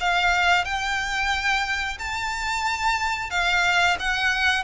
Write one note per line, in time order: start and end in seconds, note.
0.00 0.65 F5
0.65 1.98 G5
1.99 3.30 A5
3.30 3.96 F5
3.99 4.63 F#5